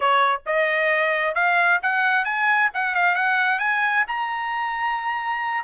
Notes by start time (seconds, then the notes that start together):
0.00 C#5
0.46 D#5
1.34 F5
1.82 F#5
2.24 G#5
2.74 F#5
2.94 F5
3.15 F#5
3.59 G#5
4.07 A#5